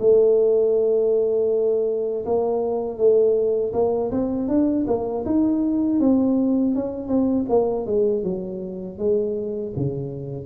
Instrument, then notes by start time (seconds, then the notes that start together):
tuba
0.00 A3
2.25 A#3
2.98 A3
3.73 A#3
4.11 C4
4.48 D4
4.87 A#3
5.25 D#4
6.00 C4
6.75 C#4
7.08 C4
7.49 A#3
7.86 G#3
8.23 F#3
8.98 G#3
9.76 C#3